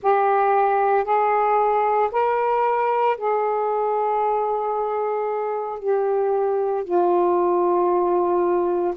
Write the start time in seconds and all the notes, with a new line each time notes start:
0.02 G4
1.04 G#4
2.11 A#4
3.17 G#4
5.79 G4
6.84 F4